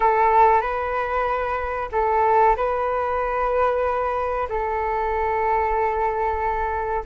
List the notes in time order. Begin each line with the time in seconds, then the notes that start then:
0.00 A4
0.61 B4
1.91 A4
2.56 B4
4.49 A4